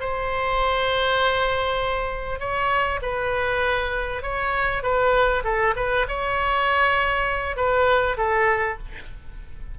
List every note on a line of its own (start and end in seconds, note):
0.00 2.39 C5
2.39 3.00 C#5
3.02 4.22 B4
4.22 4.83 C#5
4.83 5.43 B4
5.44 5.74 A4
5.76 6.06 B4
6.08 7.56 C#5
7.56 8.17 B4
8.17 8.78 A4